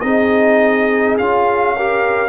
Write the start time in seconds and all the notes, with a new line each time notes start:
0.00 C4 D#4 G#4 D#5
1.18 C#4 F4 F5
1.76 G4 A#4